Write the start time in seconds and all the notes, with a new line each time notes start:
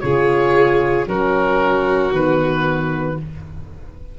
0.00 C#3 F4 G#4 C#5
1.07 F#3 C#4 F#4 A#4
2.12 D#3 B3 B4